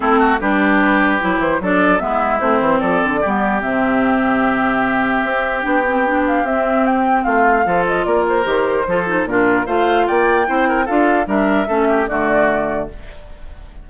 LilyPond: <<
  \new Staff \with { instrumentName = "flute" } { \time 4/4 \tempo 4 = 149 a'4 b'2~ b'8 c''8 | d''4 e''4 c''4 d''4~ | d''4 e''2.~ | e''2 g''4. f''8 |
e''4 g''4 f''4. dis''8 | d''8 c''2~ c''8 ais'4 | f''4 g''2 f''4 | e''2 d''2 | }
  \new Staff \with { instrumentName = "oboe" } { \time 4/4 e'8 fis'8 g'2. | a'4 e'2 a'4 | g'1~ | g'1~ |
g'2 f'4 a'4 | ais'2 a'4 f'4 | c''4 d''4 c''8 ais'8 a'4 | ais'4 a'8 g'8 fis'2 | }
  \new Staff \with { instrumentName = "clarinet" } { \time 4/4 c'4 d'2 e'4 | d'4 b4 c'2 | b4 c'2.~ | c'2 d'8 c'8 d'4 |
c'2. f'4~ | f'4 g'4 f'8 dis'8 d'4 | f'2 e'4 f'4 | d'4 cis'4 a2 | }
  \new Staff \with { instrumentName = "bassoon" } { \time 4/4 a4 g2 fis8 e8 | fis4 gis4 a8 e8 f8 d8 | g4 c2.~ | c4 c'4 b2 |
c'2 a4 f4 | ais4 dis4 f4 ais,4 | a4 ais4 c'4 d'4 | g4 a4 d2 | }
>>